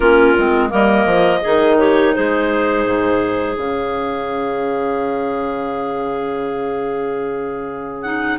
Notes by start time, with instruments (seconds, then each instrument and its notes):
0.00 bassoon A#3, clarinet C#4 F4 A#4
0.38 bassoon G#3, clarinet C4
0.69 bassoon G3, clarinet A#3 A#4 D#5
1.05 bassoon F3
1.41 bassoon D#3, clarinet D#4 G#4
1.78 clarinet G4 C#5
2.14 bassoon G#3, clarinet G#4 C5
2.85 bassoon G#2
3.56 bassoon C#3, clarinet C#4 F5
8.02 clarinet D#4 F#5